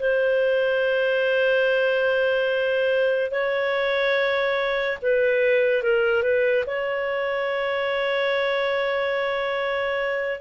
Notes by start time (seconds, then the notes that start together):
0.00 C5
3.32 C#5
5.02 B4
5.83 A#4
6.23 B4
6.67 C#5